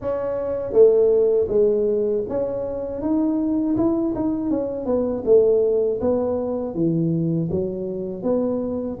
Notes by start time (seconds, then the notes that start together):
0.01 C#4
0.72 A3
1.48 G#3
2.28 C#4
3.01 D#4
3.76 E4
4.15 D#4
4.50 C#4
4.85 B3
5.25 A3
6.00 B3
6.74 E3
7.50 F#3
8.23 B3